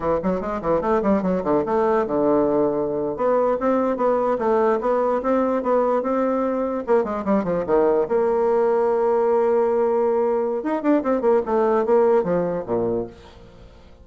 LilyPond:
\new Staff \with { instrumentName = "bassoon" } { \time 4/4 \tempo 4 = 147 e8 fis8 gis8 e8 a8 g8 fis8 d8 | a4 d2~ d8. b16~ | b8. c'4 b4 a4 b16~ | b8. c'4 b4 c'4~ c'16~ |
c'8. ais8 gis8 g8 f8 dis4 ais16~ | ais1~ | ais2 dis'8 d'8 c'8 ais8 | a4 ais4 f4 ais,4 | }